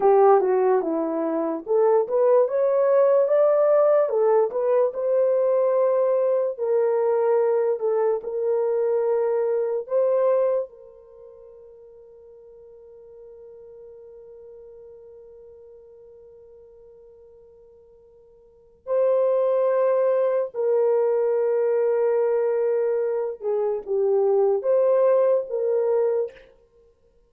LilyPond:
\new Staff \with { instrumentName = "horn" } { \time 4/4 \tempo 4 = 73 g'8 fis'8 e'4 a'8 b'8 cis''4 | d''4 a'8 b'8 c''2 | ais'4. a'8 ais'2 | c''4 ais'2.~ |
ais'1~ | ais'2. c''4~ | c''4 ais'2.~ | ais'8 gis'8 g'4 c''4 ais'4 | }